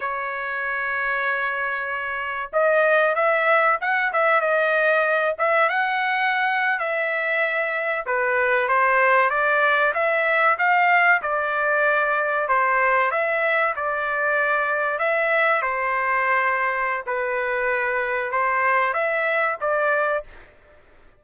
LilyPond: \new Staff \with { instrumentName = "trumpet" } { \time 4/4 \tempo 4 = 95 cis''1 | dis''4 e''4 fis''8 e''8 dis''4~ | dis''8 e''8 fis''4.~ fis''16 e''4~ e''16~ | e''8. b'4 c''4 d''4 e''16~ |
e''8. f''4 d''2 c''16~ | c''8. e''4 d''2 e''16~ | e''8. c''2~ c''16 b'4~ | b'4 c''4 e''4 d''4 | }